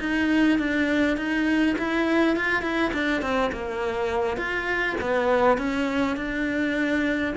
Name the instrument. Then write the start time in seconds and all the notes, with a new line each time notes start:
cello
0.00 D#4
0.59 D4
1.18 D#4
1.79 E4
2.37 F4
2.63 E4
2.94 D4
3.22 C4
3.53 A#3
4.38 F4
5.01 B3
5.58 C#4
6.17 D4